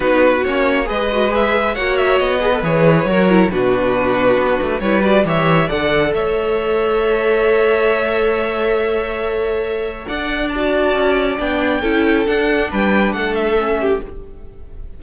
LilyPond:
<<
  \new Staff \with { instrumentName = "violin" } { \time 4/4 \tempo 4 = 137 b'4 cis''4 dis''4 e''4 | fis''8 e''8 dis''4 cis''2 | b'2. cis''8 d''8 | e''4 fis''4 e''2~ |
e''1~ | e''2. fis''4 | a''2 g''2 | fis''4 g''4 fis''8 e''4. | }
  \new Staff \with { instrumentName = "violin" } { \time 4/4 fis'2 b'2 | cis''4. b'4. ais'4 | fis'2. b'4 | cis''4 d''4 cis''2~ |
cis''1~ | cis''2. d''4~ | d''2. a'4~ | a'4 b'4 a'4. g'8 | }
  \new Staff \with { instrumentName = "viola" } { \time 4/4 dis'4 cis'4 gis'8 fis'8 gis'4 | fis'4. gis'16 a'16 gis'4 fis'8 e'8 | d'2. e'8 fis'8 | g'4 a'2.~ |
a'1~ | a'1 | fis'2 d'4 e'4 | d'2. cis'4 | }
  \new Staff \with { instrumentName = "cello" } { \time 4/4 b4 ais4 gis2 | ais4 b4 e4 fis4 | b,2 b8 a8 g4 | e4 d4 a2~ |
a1~ | a2. d'4~ | d'4 cis'4 b4 cis'4 | d'4 g4 a2 | }
>>